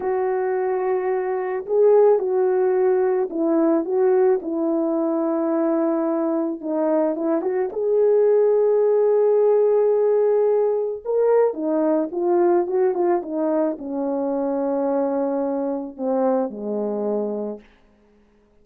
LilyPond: \new Staff \with { instrumentName = "horn" } { \time 4/4 \tempo 4 = 109 fis'2. gis'4 | fis'2 e'4 fis'4 | e'1 | dis'4 e'8 fis'8 gis'2~ |
gis'1 | ais'4 dis'4 f'4 fis'8 f'8 | dis'4 cis'2.~ | cis'4 c'4 gis2 | }